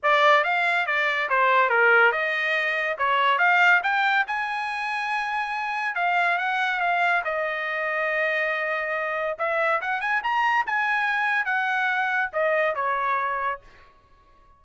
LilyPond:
\new Staff \with { instrumentName = "trumpet" } { \time 4/4 \tempo 4 = 141 d''4 f''4 d''4 c''4 | ais'4 dis''2 cis''4 | f''4 g''4 gis''2~ | gis''2 f''4 fis''4 |
f''4 dis''2.~ | dis''2 e''4 fis''8 gis''8 | ais''4 gis''2 fis''4~ | fis''4 dis''4 cis''2 | }